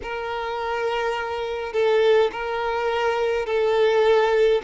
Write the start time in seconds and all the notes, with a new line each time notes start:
0.02 A#4
1.73 A4
2.32 A#4
3.46 A4